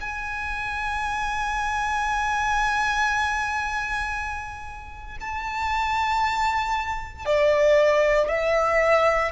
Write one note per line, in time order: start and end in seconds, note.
0.00 5.17 G#5
5.21 7.26 A5
7.26 8.29 D5
8.29 9.32 E5